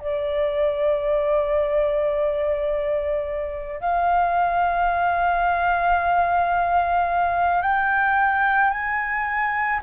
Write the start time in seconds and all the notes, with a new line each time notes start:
0.00 D5
3.81 F5
7.62 G5
8.71 G#5